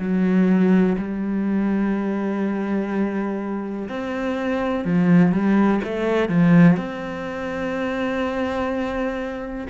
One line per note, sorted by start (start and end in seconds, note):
0.00 0.97 F#3
0.98 3.88 G3
3.89 4.85 C4
4.85 5.32 F3
5.32 5.81 G3
5.84 6.29 A3
6.29 6.77 F3
6.77 9.67 C4